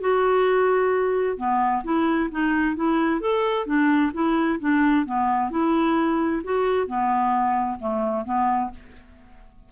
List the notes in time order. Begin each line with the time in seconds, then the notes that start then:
0.00 F#4
1.37 B3
1.84 E4
2.31 D#4
2.75 E4
3.20 A4
3.66 D4
4.13 E4
4.60 D4
5.06 B3
5.50 E4
6.44 F#4
6.87 B3
7.79 A3
8.25 B3